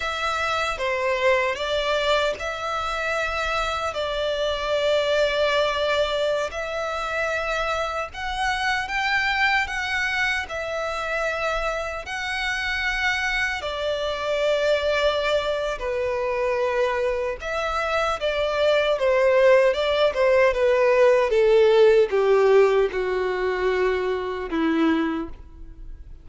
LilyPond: \new Staff \with { instrumentName = "violin" } { \time 4/4 \tempo 4 = 76 e''4 c''4 d''4 e''4~ | e''4 d''2.~ | d''16 e''2 fis''4 g''8.~ | g''16 fis''4 e''2 fis''8.~ |
fis''4~ fis''16 d''2~ d''8. | b'2 e''4 d''4 | c''4 d''8 c''8 b'4 a'4 | g'4 fis'2 e'4 | }